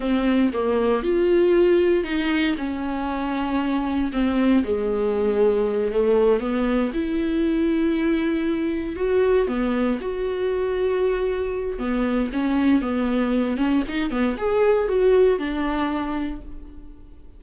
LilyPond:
\new Staff \with { instrumentName = "viola" } { \time 4/4 \tempo 4 = 117 c'4 ais4 f'2 | dis'4 cis'2. | c'4 gis2~ gis8 a8~ | a8 b4 e'2~ e'8~ |
e'4. fis'4 b4 fis'8~ | fis'2. b4 | cis'4 b4. cis'8 dis'8 b8 | gis'4 fis'4 d'2 | }